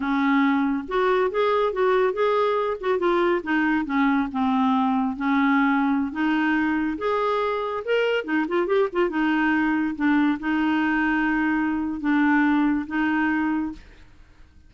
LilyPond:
\new Staff \with { instrumentName = "clarinet" } { \time 4/4 \tempo 4 = 140 cis'2 fis'4 gis'4 | fis'4 gis'4. fis'8 f'4 | dis'4 cis'4 c'2 | cis'2~ cis'16 dis'4.~ dis'16~ |
dis'16 gis'2 ais'4 dis'8 f'16~ | f'16 g'8 f'8 dis'2 d'8.~ | d'16 dis'2.~ dis'8. | d'2 dis'2 | }